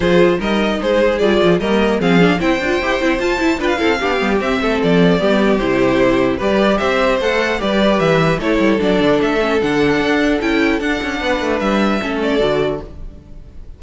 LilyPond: <<
  \new Staff \with { instrumentName = "violin" } { \time 4/4 \tempo 4 = 150 c''4 dis''4 c''4 d''4 | dis''4 f''4 g''2 | a''4 g''16 f''4.~ f''16 e''4 | d''2 c''2 |
d''4 e''4 fis''4 d''4 | e''4 cis''4 d''4 e''4 | fis''2 g''4 fis''4~ | fis''4 e''4. d''4. | }
  \new Staff \with { instrumentName = "violin" } { \time 4/4 gis'4 ais'4 gis'2 | ais'4 gis'4 c''2~ | c''4 b'8 a'8 g'4. a'8~ | a'4 g'2. |
b'4 c''2 b'4~ | b'4 a'2.~ | a'1 | b'2 a'2 | }
  \new Staff \with { instrumentName = "viola" } { \time 4/4 f'4 dis'2 f'4 | ais4 c'8 d'8 e'8 f'8 g'8 e'8 | f'8 e'8 f'8 e'8 d'8 b8 c'4~ | c'4 b4 e'2 |
g'2 a'4 g'4~ | g'4 e'4 d'4. cis'8 | d'2 e'4 d'4~ | d'2 cis'4 fis'4 | }
  \new Staff \with { instrumentName = "cello" } { \time 4/4 f4 g4 gis4 g8 f8 | g4 f4 c'8 d'8 e'8 c'8 | f'8 e'8 d'8 c'8 b8 g8 c'8 a8 | f4 g4 c2 |
g4 c'4 a4 g4 | e4 a8 g8 fis8 d8 a4 | d4 d'4 cis'4 d'8 cis'8 | b8 a8 g4 a4 d4 | }
>>